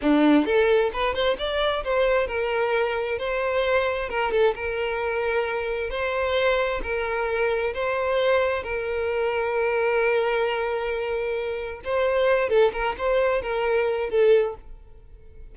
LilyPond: \new Staff \with { instrumentName = "violin" } { \time 4/4 \tempo 4 = 132 d'4 a'4 b'8 c''8 d''4 | c''4 ais'2 c''4~ | c''4 ais'8 a'8 ais'2~ | ais'4 c''2 ais'4~ |
ais'4 c''2 ais'4~ | ais'1~ | ais'2 c''4. a'8 | ais'8 c''4 ais'4. a'4 | }